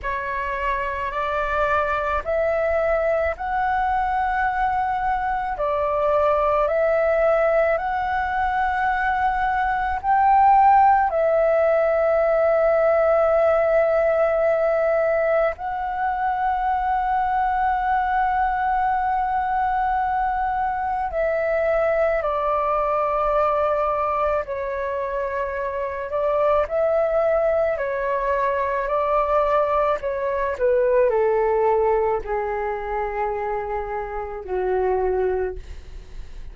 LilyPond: \new Staff \with { instrumentName = "flute" } { \time 4/4 \tempo 4 = 54 cis''4 d''4 e''4 fis''4~ | fis''4 d''4 e''4 fis''4~ | fis''4 g''4 e''2~ | e''2 fis''2~ |
fis''2. e''4 | d''2 cis''4. d''8 | e''4 cis''4 d''4 cis''8 b'8 | a'4 gis'2 fis'4 | }